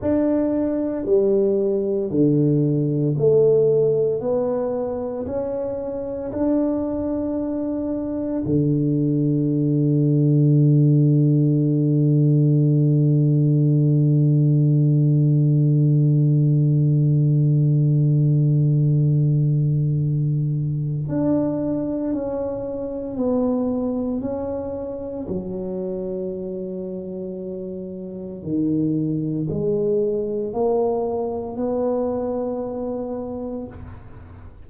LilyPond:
\new Staff \with { instrumentName = "tuba" } { \time 4/4 \tempo 4 = 57 d'4 g4 d4 a4 | b4 cis'4 d'2 | d1~ | d1~ |
d1 | d'4 cis'4 b4 cis'4 | fis2. dis4 | gis4 ais4 b2 | }